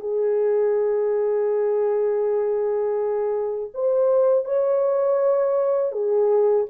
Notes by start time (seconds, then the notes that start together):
0.00 G#4
3.74 C5
4.45 C#5
5.92 G#4